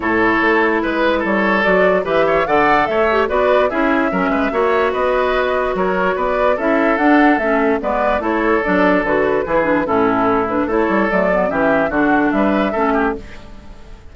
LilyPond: <<
  \new Staff \with { instrumentName = "flute" } { \time 4/4 \tempo 4 = 146 cis''2 b'4 cis''4 | d''4 e''4 fis''4 e''4 | d''4 e''2. | dis''2 cis''4 d''4 |
e''4 fis''4 e''4 d''4 | cis''4 d''4 b'2 | a'4. b'8 cis''4 d''4 | e''4 fis''4 e''2 | }
  \new Staff \with { instrumentName = "oboe" } { \time 4/4 a'2 b'4 a'4~ | a'4 b'8 cis''8 d''4 cis''4 | b'4 gis'4 ais'8 b'8 cis''4 | b'2 ais'4 b'4 |
a'2. b'4 | a'2. gis'4 | e'2 a'2 | g'4 fis'4 b'4 a'8 g'8 | }
  \new Staff \with { instrumentName = "clarinet" } { \time 4/4 e'1 | fis'4 g'4 a'4. g'8 | fis'4 e'4 cis'4 fis'4~ | fis'1 |
e'4 d'4 cis'4 b4 | e'4 d'4 fis'4 e'8 d'8 | cis'4. d'8 e'4 a8 b8 | cis'4 d'2 cis'4 | }
  \new Staff \with { instrumentName = "bassoon" } { \time 4/4 a,4 a4 gis4 g4 | fis4 e4 d4 a4 | b4 cis'4 fis8 gis8 ais4 | b2 fis4 b4 |
cis'4 d'4 a4 gis4 | a4 fis4 d4 e4 | a,2 a8 g8 fis4 | e4 d4 g4 a4 | }
>>